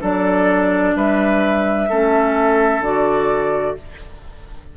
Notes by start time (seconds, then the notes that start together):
0.00 F#3 D4 A4 D5
0.95 G3 B4 E5
1.89 A3 C#4 A4
2.80 D3 F#4 D5